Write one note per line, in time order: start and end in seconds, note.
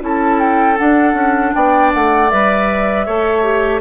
0.00 0.77 C#4
0.00 0.76 E4
0.00 1.55 A4
0.00 0.39 A5
0.39 0.77 G5
0.76 2.28 D4
0.76 1.13 D4
0.76 1.53 F#5
1.13 1.51 C#4
1.54 1.93 B3
1.54 3.05 D5
1.54 1.92 G5
1.93 2.32 A3
1.93 2.29 F#5
2.29 3.07 G3
2.29 3.06 B4
2.29 3.81 E5
3.05 3.81 A3
3.05 3.42 A4
3.05 3.81 C#5
3.42 3.80 G4